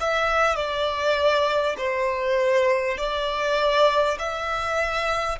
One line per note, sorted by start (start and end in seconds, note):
0.00 0.56 E5
0.56 1.76 D5
1.78 2.98 C5
2.98 4.18 D5
4.19 5.39 E5